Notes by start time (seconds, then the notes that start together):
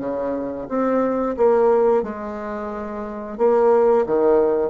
0.00 C#3
0.69 C4
1.37 A#3
2.03 G#3
3.38 A#3
4.06 D#3